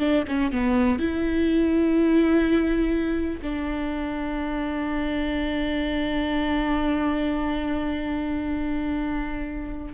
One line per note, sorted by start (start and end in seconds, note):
0.00 0.24 D4
0.28 0.52 C#4
0.52 0.99 B3
0.99 3.41 E4
3.42 9.94 D4